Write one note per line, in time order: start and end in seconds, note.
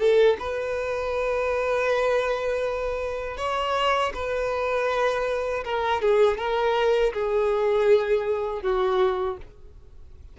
0.00 0.38 A4
0.40 3.38 B4
3.38 4.13 C#5
4.15 5.65 B4
5.65 6.02 A#4
6.02 6.38 G#4
6.38 7.13 A#4
7.14 8.63 G#4
8.63 9.38 F#4